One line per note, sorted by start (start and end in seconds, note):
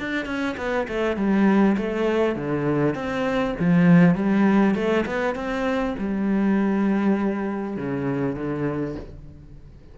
0.00 0.26 D4
0.26 0.56 C#4
0.58 0.88 B3
0.88 1.17 A3
1.17 1.77 G3
1.78 2.36 A3
2.36 2.95 D3
2.95 3.55 C4
3.60 4.15 F3
4.15 4.75 G3
4.75 5.05 A3
5.06 5.35 B3
5.35 5.95 C4
5.99 7.77 G3
7.77 8.36 C#3
8.36 8.96 D3